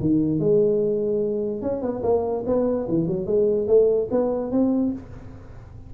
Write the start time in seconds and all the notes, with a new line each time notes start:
0.00 D#3
0.39 G#3
1.62 C#4
1.81 B3
2.03 A#3
2.46 B3
2.88 E3
3.07 F#3
3.26 G#3
3.67 A3
4.11 B3
4.51 C4